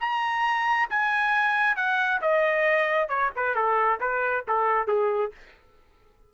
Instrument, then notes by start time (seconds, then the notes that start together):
trumpet
0.00 A#5
0.89 G#5
1.76 F#5
2.21 D#5
3.08 C#5
3.36 B4
3.55 A4
4.00 B4
4.47 A4
4.87 G#4